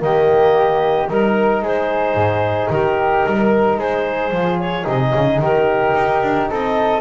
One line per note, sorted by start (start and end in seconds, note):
0.00 1.08 D#3
0.00 1.08 A#3
0.00 1.10 G4
0.00 1.10 D#5
1.08 1.62 G3
1.08 4.32 D#4
1.08 1.64 A#4
1.63 2.15 G#3
1.63 2.72 G#4
1.63 2.71 C5
2.15 2.69 G#2
2.70 3.24 D#3
2.70 3.26 G4
2.70 3.79 A#4
3.26 3.78 G3
3.26 3.80 A#4
3.78 4.31 G#3
3.78 5.42 G#4
3.78 4.60 C5
4.31 4.85 F3
4.31 4.84 F4
4.60 4.87 C#5
4.84 5.14 C3
4.84 7.00 D#4
4.84 5.41 D#5
5.15 5.39 C#3
5.39 5.93 D#3
5.39 6.50 G4
5.39 6.51 A#4
5.96 6.23 D#4
6.23 6.50 D4
6.50 7.01 C4
6.50 7.01 A4
6.50 7.01 D#5